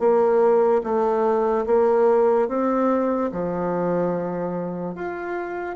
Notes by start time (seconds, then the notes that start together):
0.00 A#3
0.84 A3
1.67 A#3
2.49 C4
3.32 F3
4.95 F4